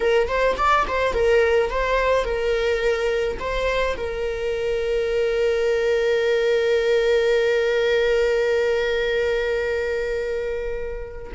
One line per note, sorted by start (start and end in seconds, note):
0.00 0.28 A#4
0.28 0.56 C5
0.57 0.85 D5
0.87 1.13 C5
1.13 1.70 A#4
1.70 2.24 C5
2.24 3.37 A#4
3.39 3.96 C5
3.96 11.32 A#4